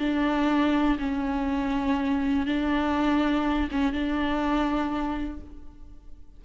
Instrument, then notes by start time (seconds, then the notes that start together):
viola
0.00 D4
0.99 C#4
2.47 D4
3.72 C#4
3.93 D4